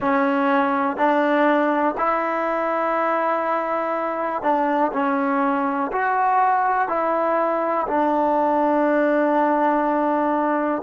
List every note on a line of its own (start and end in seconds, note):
0.00 0.97 C#4
0.97 1.95 D4
1.97 4.42 E4
4.42 4.91 D4
4.92 5.91 C#4
5.92 6.88 F#4
6.88 7.86 E4
7.87 10.82 D4